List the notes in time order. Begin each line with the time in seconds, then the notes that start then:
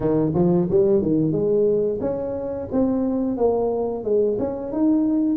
0.00 D#3
0.34 F3
0.70 G3
1.02 D#3
1.31 G#3
2.00 C#4
2.72 C4
3.37 A#3
4.04 G#3
4.39 C#4
4.72 D#4